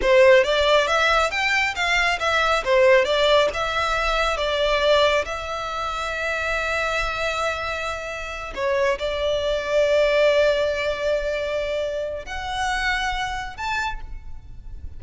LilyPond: \new Staff \with { instrumentName = "violin" } { \time 4/4 \tempo 4 = 137 c''4 d''4 e''4 g''4 | f''4 e''4 c''4 d''4 | e''2 d''2 | e''1~ |
e''2.~ e''8 cis''8~ | cis''8 d''2.~ d''8~ | d''1 | fis''2. a''4 | }